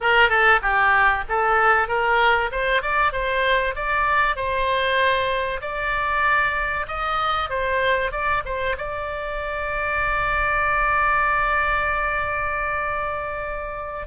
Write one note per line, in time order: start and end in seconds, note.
0.00 0.29 A#4
0.29 0.60 A4
0.61 1.24 G4
1.28 1.88 A4
1.88 2.50 A#4
2.51 2.82 C5
2.82 3.12 D5
3.12 3.74 C5
3.75 4.36 D5
4.36 5.61 C5
5.61 6.86 D5
6.88 7.49 D#5
7.49 8.11 C5
8.11 8.43 D5
8.45 8.76 C5
8.77 14.07 D5